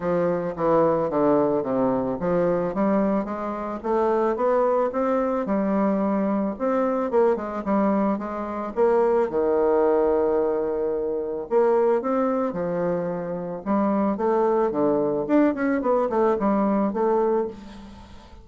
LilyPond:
\new Staff \with { instrumentName = "bassoon" } { \time 4/4 \tempo 4 = 110 f4 e4 d4 c4 | f4 g4 gis4 a4 | b4 c'4 g2 | c'4 ais8 gis8 g4 gis4 |
ais4 dis2.~ | dis4 ais4 c'4 f4~ | f4 g4 a4 d4 | d'8 cis'8 b8 a8 g4 a4 | }